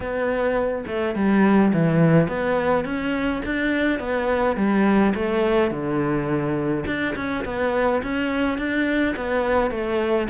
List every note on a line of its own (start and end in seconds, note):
0.00 0.84 B3
0.86 1.15 A3
1.15 1.72 G3
1.73 2.28 E3
2.28 2.84 B3
2.84 3.41 C#4
3.45 3.99 D4
3.99 4.56 B3
4.56 5.13 G3
5.15 5.70 A3
5.70 6.84 D3
6.86 7.15 D4
7.15 7.44 C#4
7.44 8.02 B3
8.02 8.58 C#4
8.58 9.15 D4
9.16 9.70 B3
9.70 10.27 A3